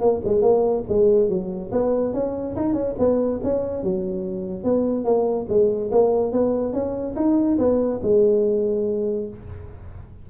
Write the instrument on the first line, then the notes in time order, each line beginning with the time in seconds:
tuba
0.00 A#3
0.25 G#3
0.42 A#3
0.88 G#3
1.29 F#3
1.72 B3
2.13 C#4
2.56 D#4
2.73 C#4
2.98 B3
3.43 C#4
3.83 F#3
4.64 B3
5.04 A#3
5.49 G#3
5.91 A#3
6.32 B3
6.73 C#4
7.16 D#4
7.58 B3
8.02 G#3